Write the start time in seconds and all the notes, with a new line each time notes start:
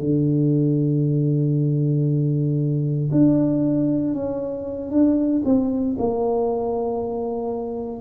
0.00 D3
3.12 D4
4.14 C#4
4.91 D4
5.45 C4
5.99 A#3